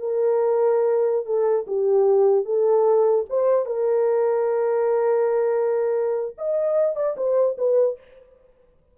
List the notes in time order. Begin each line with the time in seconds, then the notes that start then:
0.00 A#4
1.26 A4
1.67 G4
2.45 A4
3.30 C5
3.66 A#4
6.38 D#5
6.96 D5
7.17 C5
7.58 B4